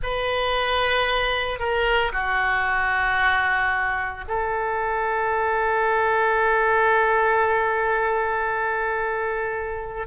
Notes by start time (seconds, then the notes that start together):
0.02 B4
1.59 A#4
2.12 F#4
4.28 A4